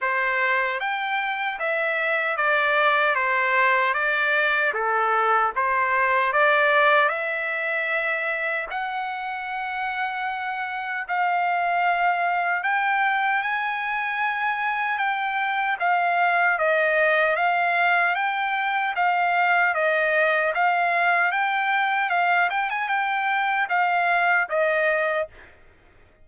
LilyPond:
\new Staff \with { instrumentName = "trumpet" } { \time 4/4 \tempo 4 = 76 c''4 g''4 e''4 d''4 | c''4 d''4 a'4 c''4 | d''4 e''2 fis''4~ | fis''2 f''2 |
g''4 gis''2 g''4 | f''4 dis''4 f''4 g''4 | f''4 dis''4 f''4 g''4 | f''8 g''16 gis''16 g''4 f''4 dis''4 | }